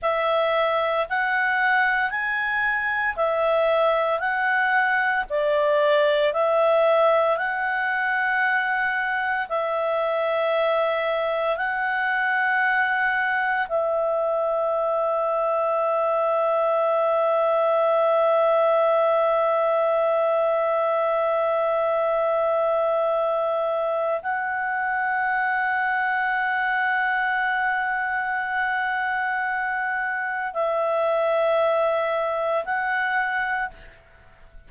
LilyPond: \new Staff \with { instrumentName = "clarinet" } { \time 4/4 \tempo 4 = 57 e''4 fis''4 gis''4 e''4 | fis''4 d''4 e''4 fis''4~ | fis''4 e''2 fis''4~ | fis''4 e''2.~ |
e''1~ | e''2. fis''4~ | fis''1~ | fis''4 e''2 fis''4 | }